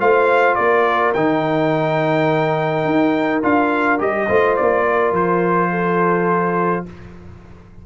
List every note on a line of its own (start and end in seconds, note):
0.00 0.57 A3
0.00 1.15 F4
0.00 0.57 C5
0.00 0.55 F5
0.55 1.15 A#3
0.55 4.28 A#4
0.55 1.12 D5
1.14 2.85 D#3
1.14 3.43 D#4
1.14 3.42 G5
2.85 3.42 D#4
3.43 4.00 D4
3.43 3.99 F4
3.43 4.00 F5
3.99 4.29 G3
3.99 4.27 G4
3.99 4.56 D#5
4.28 4.58 A3
4.28 6.86 F4
4.28 4.85 C5
4.56 5.12 A#3
4.56 5.14 D5
4.86 5.71 A#4
5.12 6.83 F3
5.12 6.86 C5
5.71 6.85 A4